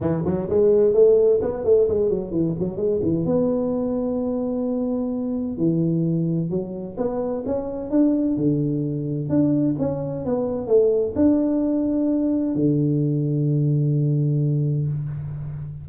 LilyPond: \new Staff \with { instrumentName = "tuba" } { \time 4/4 \tempo 4 = 129 e8 fis8 gis4 a4 b8 a8 | gis8 fis8 e8 fis8 gis8 e8 b4~ | b1 | e2 fis4 b4 |
cis'4 d'4 d2 | d'4 cis'4 b4 a4 | d'2. d4~ | d1 | }